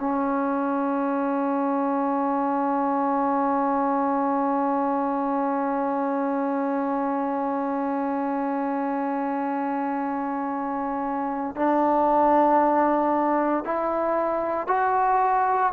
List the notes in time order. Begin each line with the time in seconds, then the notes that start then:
0.00 C#4
11.56 D4
13.65 E4
14.68 F#4